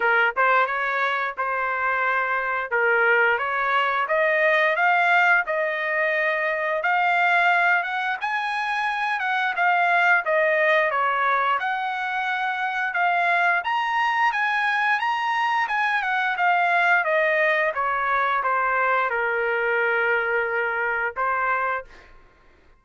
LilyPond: \new Staff \with { instrumentName = "trumpet" } { \time 4/4 \tempo 4 = 88 ais'8 c''8 cis''4 c''2 | ais'4 cis''4 dis''4 f''4 | dis''2 f''4. fis''8 | gis''4. fis''8 f''4 dis''4 |
cis''4 fis''2 f''4 | ais''4 gis''4 ais''4 gis''8 fis''8 | f''4 dis''4 cis''4 c''4 | ais'2. c''4 | }